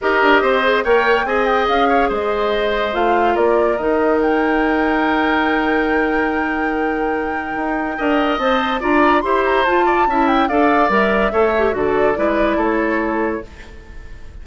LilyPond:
<<
  \new Staff \with { instrumentName = "flute" } { \time 4/4 \tempo 4 = 143 dis''2 g''4 gis''8 g''8 | f''4 dis''2 f''4 | d''4 dis''4 g''2~ | g''1~ |
g''1 | a''4 ais''4 c'''8 ais''8 a''4~ | a''8 g''8 f''4 e''2 | d''2 cis''2 | }
  \new Staff \with { instrumentName = "oboe" } { \time 4/4 ais'4 c''4 cis''4 dis''4~ | dis''8 cis''8 c''2. | ais'1~ | ais'1~ |
ais'2. dis''4~ | dis''4 d''4 c''4. d''8 | e''4 d''2 cis''4 | a'4 b'4 a'2 | }
  \new Staff \with { instrumentName = "clarinet" } { \time 4/4 g'4. gis'8 ais'4 gis'4~ | gis'2. f'4~ | f'4 dis'2.~ | dis'1~ |
dis'2. ais'4 | c''4 f'4 g'4 f'4 | e'4 a'4 ais'4 a'8 g'8 | fis'4 e'2. | }
  \new Staff \with { instrumentName = "bassoon" } { \time 4/4 dis'8 d'8 c'4 ais4 c'4 | cis'4 gis2 a4 | ais4 dis2.~ | dis1~ |
dis2 dis'4 d'4 | c'4 d'4 e'4 f'4 | cis'4 d'4 g4 a4 | d4 gis4 a2 | }
>>